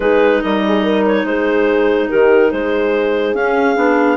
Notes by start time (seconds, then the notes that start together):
0.00 G#3 D#4 G#4 B4
0.42 G3 A#4 D#5
0.66 G#4
0.83 A#4
1.05 C#5
1.24 G#3 G#4 C5
2.08 D#3 G4 A#4
2.51 G#3 G#4 C5
3.34 C#4 F5
3.75 B3 D4